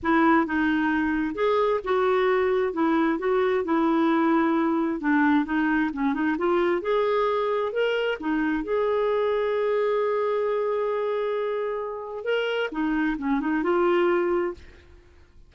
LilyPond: \new Staff \with { instrumentName = "clarinet" } { \time 4/4 \tempo 4 = 132 e'4 dis'2 gis'4 | fis'2 e'4 fis'4 | e'2. d'4 | dis'4 cis'8 dis'8 f'4 gis'4~ |
gis'4 ais'4 dis'4 gis'4~ | gis'1~ | gis'2. ais'4 | dis'4 cis'8 dis'8 f'2 | }